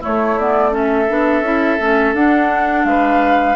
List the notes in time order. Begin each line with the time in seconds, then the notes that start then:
0.00 A3 E4 C#5
0.07 A3
0.39 B3 D5
0.71 C#4 A4 E5
1.09 B3 D4
1.41 C#4 E4
1.79 A3 C#4
2.14 D4 F#5
2.84 G#3 B4 F5